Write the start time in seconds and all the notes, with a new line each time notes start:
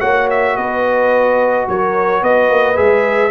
0.00 A#3 F#4 C#5 F#5
0.30 E5
0.57 B3 B4 D#5
1.68 F#3 A#4 C#5
2.22 B3 B4 D#5
2.50 A#3
2.75 G#3 G#4 E5